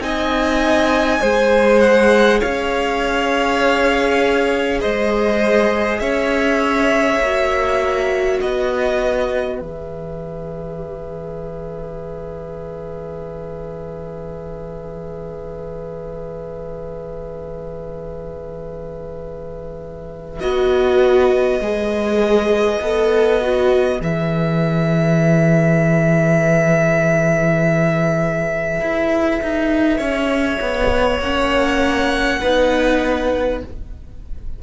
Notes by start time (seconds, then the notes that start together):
0.00 C4 D#4 D#5 G#5
1.21 G#3 G#4 C5
1.80 F#5
2.39 C#4 C#5 F5
4.80 G#3 C5 D#5
6.00 C#4 C#5 E5
7.19 A#3 F#4
8.40 B3 B4 D#5
9.58 E3 G#4 E5
20.40 B3 F#4 D#5
21.59 G#3 G#4
22.81 B3 A4
23.41 F#4
23.99 E3 G#4 E5
28.81 E4
29.42 D#4
29.98 C#4 C#5
30.61 B3
31.19 A#3 C#4 F#5
32.41 B3 D#4 B4